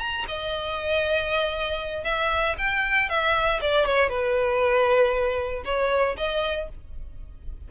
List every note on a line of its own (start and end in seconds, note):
0.00 0.26 A#5
0.28 2.05 D#5
2.05 2.56 E5
2.58 3.10 G5
3.10 3.61 E5
3.62 3.86 D5
3.86 4.10 C#5
4.10 5.64 B4
5.65 6.16 C#5
6.18 6.69 D#5